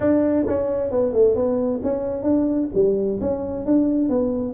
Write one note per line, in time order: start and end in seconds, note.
0.00 0.45 D4
0.47 0.90 C#4
0.90 1.12 B3
1.12 1.35 A3
1.35 1.80 B3
1.83 2.23 C#4
2.23 2.68 D4
2.74 3.19 G3
3.20 3.65 C#4
3.65 4.09 D4
4.09 4.53 B3